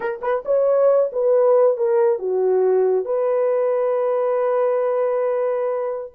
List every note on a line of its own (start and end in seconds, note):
0.00 0.20 A#4
0.21 0.43 B4
0.45 1.10 C#5
1.12 1.77 B4
1.77 2.19 A#4
2.19 3.05 F#4
3.05 6.11 B4